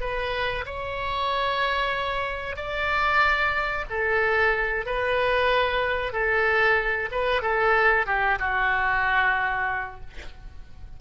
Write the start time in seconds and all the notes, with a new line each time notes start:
0.00 B4
0.66 C#5
2.56 D5
3.90 A4
4.86 B4
6.13 A4
7.11 B4
7.42 A4
8.06 G4
8.39 F#4